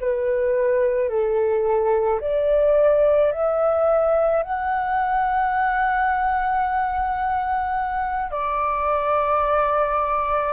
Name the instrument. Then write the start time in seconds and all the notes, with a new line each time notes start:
flute
0.00 B4
1.09 A4
2.20 D5
3.31 E5
4.42 F#5
8.31 D5